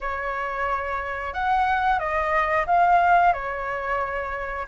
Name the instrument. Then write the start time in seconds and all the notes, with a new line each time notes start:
flute
0.01 C#5
1.33 F#5
1.98 D#5
2.66 F5
3.33 C#5